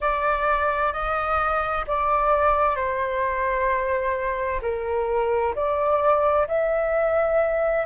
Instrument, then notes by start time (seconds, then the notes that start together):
flute
0.00 D5
0.92 D#5
1.87 D5
2.76 C5
4.62 A#4
5.55 D5
6.47 E5